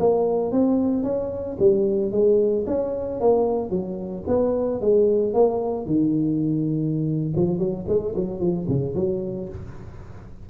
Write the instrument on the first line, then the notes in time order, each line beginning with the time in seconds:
tuba
0.00 A#3
0.52 C4
1.04 C#4
1.59 G3
2.12 G#3
2.67 C#4
3.21 A#3
3.70 F#3
4.27 B3
4.81 G#3
5.34 A#3
5.86 D#3
7.36 F3
7.59 F#3
7.88 G#3
8.16 F#3
8.40 F3
8.68 C#3
8.95 F#3